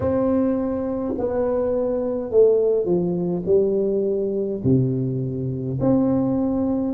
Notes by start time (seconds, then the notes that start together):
0.00 C4
1.17 B3
2.30 A3
2.85 F3
3.45 G3
4.63 C3
5.80 C4